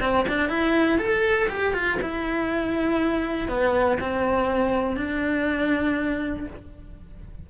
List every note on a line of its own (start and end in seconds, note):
0.00 0.25 C4
0.28 0.49 D4
0.49 0.98 E4
0.98 1.48 A4
1.49 1.73 G4
1.73 1.98 F4
2.01 3.48 E4
3.48 3.98 B3
4.00 4.97 C4
4.97 6.47 D4